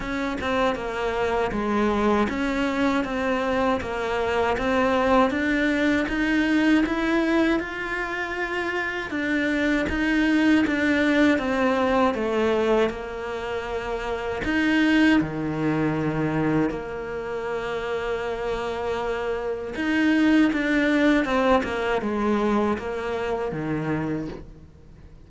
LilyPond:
\new Staff \with { instrumentName = "cello" } { \time 4/4 \tempo 4 = 79 cis'8 c'8 ais4 gis4 cis'4 | c'4 ais4 c'4 d'4 | dis'4 e'4 f'2 | d'4 dis'4 d'4 c'4 |
a4 ais2 dis'4 | dis2 ais2~ | ais2 dis'4 d'4 | c'8 ais8 gis4 ais4 dis4 | }